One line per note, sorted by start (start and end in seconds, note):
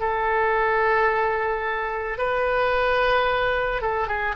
0.00 2.18 A4
2.18 3.81 B4
3.82 4.08 A4
4.08 4.35 G#4